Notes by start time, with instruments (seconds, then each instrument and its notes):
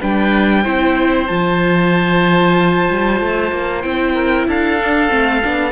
0.00 cello G3, viola D4, oboe B4, violin G5
0.64 cello C4, viola E4, oboe C5
1.27 cello F3, viola F4, violin A5
2.90 cello G3
3.21 cello A3
3.52 cello A#3
3.82 cello C4, viola E4, violin G5
4.14 oboe A#4
4.47 cello D4, oboe A4, violin F5
4.79 viola D4
5.09 cello A3, viola C4
5.43 cello B3, viola D4